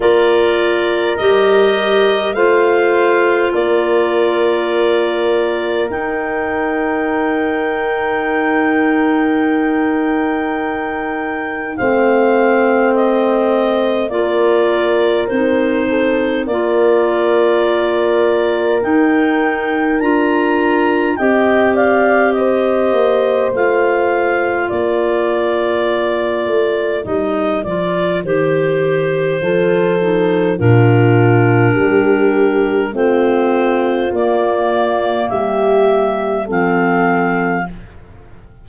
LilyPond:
<<
  \new Staff \with { instrumentName = "clarinet" } { \time 4/4 \tempo 4 = 51 d''4 dis''4 f''4 d''4~ | d''4 g''2.~ | g''2 f''4 dis''4 | d''4 c''4 d''2 |
g''4 ais''4 g''8 f''8 dis''4 | f''4 d''2 dis''8 d''8 | c''2 ais'2 | c''4 d''4 e''4 f''4 | }
  \new Staff \with { instrumentName = "horn" } { \time 4/4 ais'2 c''4 ais'4~ | ais'1~ | ais'2 c''2 | ais'4. a'8 ais'2~ |
ais'2 dis''8 d''8 c''4~ | c''4 ais'2.~ | ais'4 a'4 f'4 g'4 | f'2 g'4 a'4 | }
  \new Staff \with { instrumentName = "clarinet" } { \time 4/4 f'4 g'4 f'2~ | f'4 dis'2.~ | dis'2 c'2 | f'4 dis'4 f'2 |
dis'4 f'4 g'2 | f'2. dis'8 f'8 | g'4 f'8 dis'8 d'2 | c'4 ais2 c'4 | }
  \new Staff \with { instrumentName = "tuba" } { \time 4/4 ais4 g4 a4 ais4~ | ais4 dis'2.~ | dis'2 a2 | ais4 c'4 ais2 |
dis'4 d'4 c'4. ais8 | a4 ais4. a8 g8 f8 | dis4 f4 ais,4 g4 | a4 ais4 g4 f4 | }
>>